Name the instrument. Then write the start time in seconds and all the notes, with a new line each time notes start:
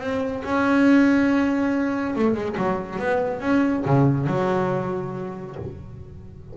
double bass
0.00 C4
0.44 C#4
2.15 A3
2.35 G#3
2.57 F#3
2.99 B3
3.41 C#4
3.86 C#3
4.27 F#3